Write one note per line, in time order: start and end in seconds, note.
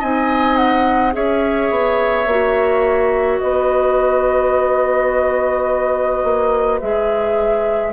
0.00 1.16 C4
0.00 1.13 D#4
0.00 1.13 D#5
0.00 0.57 G#5
0.57 1.14 F#5
1.13 1.71 C#4
1.13 2.26 G#4
1.13 3.41 C#5
1.13 3.40 E5
1.71 2.27 B3
2.27 3.40 A#3
2.27 6.82 F#4
3.40 6.24 B3
3.40 7.94 B4
3.40 6.80 D#5
6.24 6.81 A#3
6.81 7.94 G#3
6.81 7.94 G#4
6.81 7.94 E5